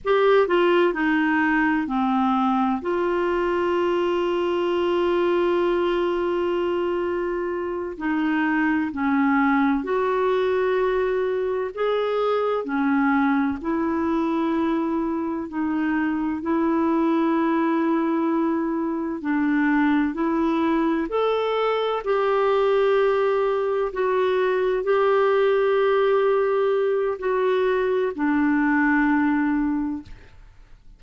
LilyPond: \new Staff \with { instrumentName = "clarinet" } { \time 4/4 \tempo 4 = 64 g'8 f'8 dis'4 c'4 f'4~ | f'1~ | f'8 dis'4 cis'4 fis'4.~ | fis'8 gis'4 cis'4 e'4.~ |
e'8 dis'4 e'2~ e'8~ | e'8 d'4 e'4 a'4 g'8~ | g'4. fis'4 g'4.~ | g'4 fis'4 d'2 | }